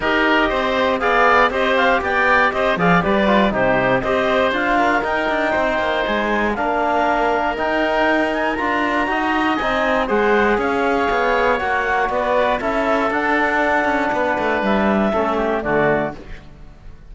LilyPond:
<<
  \new Staff \with { instrumentName = "clarinet" } { \time 4/4 \tempo 4 = 119 dis''2 f''4 dis''8 f''8 | g''4 dis''8 f''8 d''4 c''4 | dis''4 f''4 g''2 | gis''4 f''2 g''4~ |
g''8 gis''8 ais''2 gis''4 | fis''4 f''2 fis''4 | d''4 e''4 fis''2~ | fis''4 e''2 d''4 | }
  \new Staff \with { instrumentName = "oboe" } { \time 4/4 ais'4 c''4 d''4 c''4 | d''4 c''8 d''8 b'4 g'4 | c''4. ais'4. c''4~ | c''4 ais'2.~ |
ais'2 dis''2 | c''4 cis''2. | b'4 a'2. | b'2 a'8 g'8 fis'4 | }
  \new Staff \with { instrumentName = "trombone" } { \time 4/4 g'2 gis'4 g'4~ | g'4. gis'8 g'8 f'8 dis'4 | g'4 f'4 dis'2~ | dis'4 d'2 dis'4~ |
dis'4 f'4 fis'4 dis'4 | gis'2. fis'4~ | fis'4 e'4 d'2~ | d'2 cis'4 a4 | }
  \new Staff \with { instrumentName = "cello" } { \time 4/4 dis'4 c'4 b4 c'4 | b4 c'8 f8 g4 c4 | c'4 d'4 dis'8 d'8 c'8 ais8 | gis4 ais2 dis'4~ |
dis'4 d'4 dis'4 c'4 | gis4 cis'4 b4 ais4 | b4 cis'4 d'4. cis'8 | b8 a8 g4 a4 d4 | }
>>